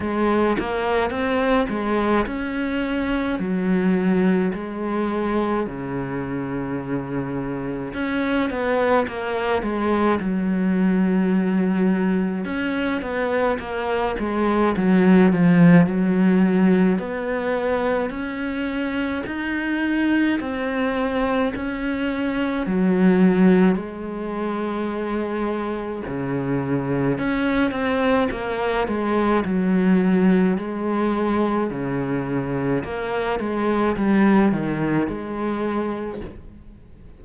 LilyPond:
\new Staff \with { instrumentName = "cello" } { \time 4/4 \tempo 4 = 53 gis8 ais8 c'8 gis8 cis'4 fis4 | gis4 cis2 cis'8 b8 | ais8 gis8 fis2 cis'8 b8 | ais8 gis8 fis8 f8 fis4 b4 |
cis'4 dis'4 c'4 cis'4 | fis4 gis2 cis4 | cis'8 c'8 ais8 gis8 fis4 gis4 | cis4 ais8 gis8 g8 dis8 gis4 | }